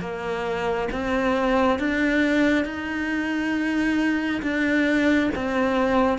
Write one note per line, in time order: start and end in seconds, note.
0.00 0.88 A#3
0.92 1.79 C4
1.79 2.65 D4
2.65 4.41 D#4
4.42 5.30 D4
5.35 6.18 C4